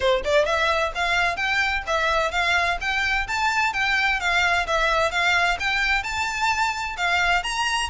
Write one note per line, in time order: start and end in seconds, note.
0.00 0.22 C5
0.24 0.45 D5
0.45 0.92 E5
0.94 1.36 F5
1.36 1.83 G5
1.86 2.31 E5
2.31 2.77 F5
2.80 3.27 G5
3.27 3.73 A5
3.73 4.19 G5
4.20 4.66 F5
4.66 5.11 E5
5.11 5.57 F5
5.59 6.03 G5
6.03 6.96 A5
6.96 7.43 F5
7.43 7.89 A#5